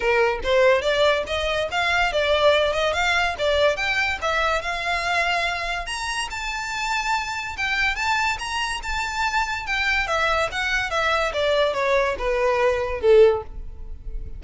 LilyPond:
\new Staff \with { instrumentName = "violin" } { \time 4/4 \tempo 4 = 143 ais'4 c''4 d''4 dis''4 | f''4 d''4. dis''8 f''4 | d''4 g''4 e''4 f''4~ | f''2 ais''4 a''4~ |
a''2 g''4 a''4 | ais''4 a''2 g''4 | e''4 fis''4 e''4 d''4 | cis''4 b'2 a'4 | }